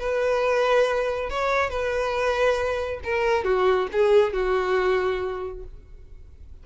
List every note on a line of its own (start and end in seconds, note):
0.00 1.30 B4
1.30 1.70 C#5
1.70 3.01 B4
3.04 3.45 A#4
3.45 3.88 F#4
3.93 4.34 G#4
4.34 5.64 F#4